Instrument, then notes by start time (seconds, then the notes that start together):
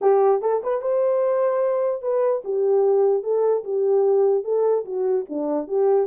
horn
0.01 G4
0.41 A4
0.63 B4
0.81 C5
2.01 B4
2.44 G4
3.23 A4
3.64 G4
4.44 A4
4.85 F#4
5.29 D4
5.67 G4